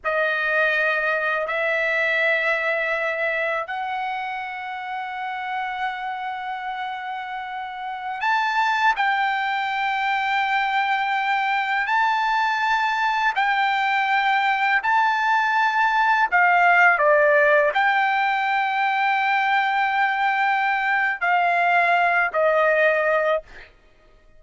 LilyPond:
\new Staff \with { instrumentName = "trumpet" } { \time 4/4 \tempo 4 = 82 dis''2 e''2~ | e''4 fis''2.~ | fis''2.~ fis''16 a''8.~ | a''16 g''2.~ g''8.~ |
g''16 a''2 g''4.~ g''16~ | g''16 a''2 f''4 d''8.~ | d''16 g''2.~ g''8.~ | g''4 f''4. dis''4. | }